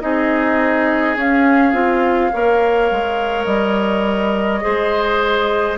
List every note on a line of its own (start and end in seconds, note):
0.00 1.16 C4
0.00 1.15 D#4
0.00 2.33 G#4
0.00 1.16 D#5
1.16 1.72 C#4
1.16 1.73 C#4
1.16 3.45 F5
1.72 2.30 C4
1.72 2.31 F4
2.32 2.91 A#3
2.32 4.61 A#4
2.32 4.63 C#5
2.91 3.46 G#3
3.45 4.61 G3
3.45 5.76 D#5
4.61 5.78 G#3
4.61 5.76 G#4
4.61 5.78 C5